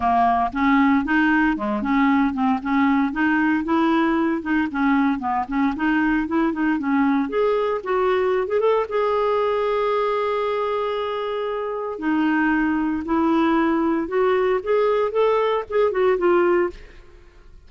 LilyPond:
\new Staff \with { instrumentName = "clarinet" } { \time 4/4 \tempo 4 = 115 ais4 cis'4 dis'4 gis8 cis'8~ | cis'8 c'8 cis'4 dis'4 e'4~ | e'8 dis'8 cis'4 b8 cis'8 dis'4 | e'8 dis'8 cis'4 gis'4 fis'4~ |
fis'16 gis'16 a'8 gis'2.~ | gis'2. dis'4~ | dis'4 e'2 fis'4 | gis'4 a'4 gis'8 fis'8 f'4 | }